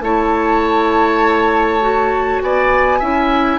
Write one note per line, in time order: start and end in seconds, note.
0.00 2.40 A3
0.00 1.81 E4
0.00 2.43 C#5
0.00 2.41 A5
1.81 3.01 F#4
2.42 3.01 B3
2.42 2.99 D5
2.42 3.58 G#5
2.99 3.58 C#4
2.99 3.58 E4
2.99 3.58 E5